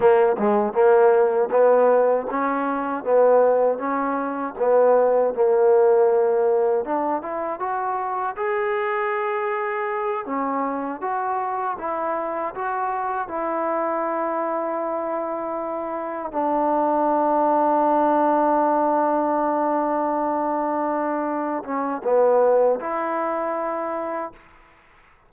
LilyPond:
\new Staff \with { instrumentName = "trombone" } { \time 4/4 \tempo 4 = 79 ais8 gis8 ais4 b4 cis'4 | b4 cis'4 b4 ais4~ | ais4 d'8 e'8 fis'4 gis'4~ | gis'4. cis'4 fis'4 e'8~ |
e'8 fis'4 e'2~ e'8~ | e'4. d'2~ d'8~ | d'1~ | d'8 cis'8 b4 e'2 | }